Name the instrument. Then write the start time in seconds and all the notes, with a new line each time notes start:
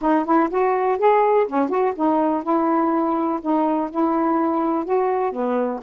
saxophone
0.01 D#4
0.25 E4
0.50 F#4
0.98 G#4
1.47 C#4
1.69 F#4
1.95 D#4
2.43 E4
3.41 D#4
3.90 E4
4.85 F#4
5.31 B3